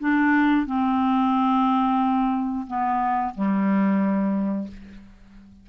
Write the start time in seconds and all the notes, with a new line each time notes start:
0.00 D4
0.66 C4
2.67 B3
3.35 G3